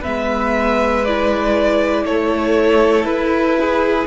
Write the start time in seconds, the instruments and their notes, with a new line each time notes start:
0.00 cello G#3, viola B3, violin B4 E5
1.04 viola E4, violin D5
2.05 cello A3, violin A4 C#5
3.04 cello E4, violin B4
3.59 violin G#4